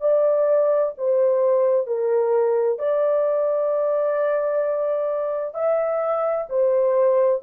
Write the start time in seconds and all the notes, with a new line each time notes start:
0.00 D5
0.97 C5
1.86 A#4
2.79 D5
5.54 E5
6.49 C5